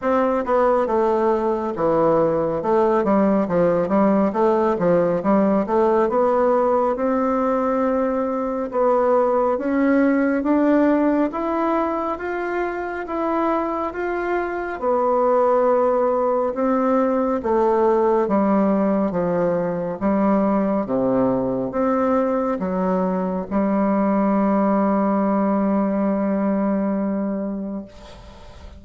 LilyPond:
\new Staff \with { instrumentName = "bassoon" } { \time 4/4 \tempo 4 = 69 c'8 b8 a4 e4 a8 g8 | f8 g8 a8 f8 g8 a8 b4 | c'2 b4 cis'4 | d'4 e'4 f'4 e'4 |
f'4 b2 c'4 | a4 g4 f4 g4 | c4 c'4 fis4 g4~ | g1 | }